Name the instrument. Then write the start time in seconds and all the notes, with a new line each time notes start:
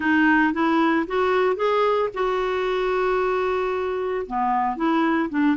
clarinet
0.00 D#4
0.53 E4
1.07 F#4
1.56 G#4
2.14 F#4
4.26 B3
4.76 E4
5.29 D4